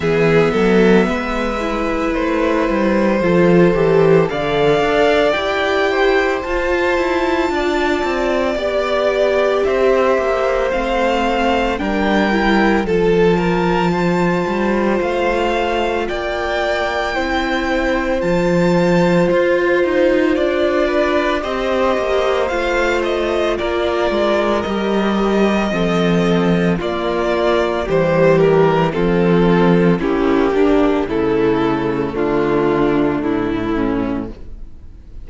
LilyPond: <<
  \new Staff \with { instrumentName = "violin" } { \time 4/4 \tempo 4 = 56 e''2 c''2 | f''4 g''4 a''2 | d''4 e''4 f''4 g''4 | a''2 f''4 g''4~ |
g''4 a''4 c''4 d''4 | dis''4 f''8 dis''8 d''4 dis''4~ | dis''4 d''4 c''8 ais'8 a'4 | g'4 a'4 f'4 e'4 | }
  \new Staff \with { instrumentName = "violin" } { \time 4/4 gis'8 a'8 b'2 a'4 | d''4. c''4. d''4~ | d''4 c''2 ais'4 | a'8 ais'8 c''2 d''4 |
c''2.~ c''8 b'8 | c''2 ais'2 | a'4 f'4 g'4 f'4 | e'8 d'8 e'4 d'4. cis'8 | }
  \new Staff \with { instrumentName = "viola" } { \time 4/4 b4. e'4. f'8 g'8 | a'4 g'4 f'2 | g'2 c'4 d'8 e'8 | f'1 |
e'4 f'2. | g'4 f'2 g'4 | c'4 ais4 g4 c'4 | cis'8 d'8 a2. | }
  \new Staff \with { instrumentName = "cello" } { \time 4/4 e8 fis8 gis4 a8 g8 f8 e8 | d8 d'8 e'4 f'8 e'8 d'8 c'8 | b4 c'8 ais8 a4 g4 | f4. g8 a4 ais4 |
c'4 f4 f'8 dis'8 d'4 | c'8 ais8 a4 ais8 gis8 g4 | f4 ais4 e4 f4 | ais4 cis4 d4 a,4 | }
>>